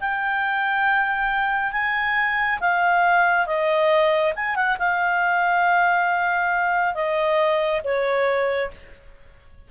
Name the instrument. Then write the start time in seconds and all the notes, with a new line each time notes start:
clarinet
0.00 G5
1.72 G#5
2.60 F5
3.46 D#5
4.35 G#5
4.56 F#5
4.79 F5
6.94 D#5
7.84 C#5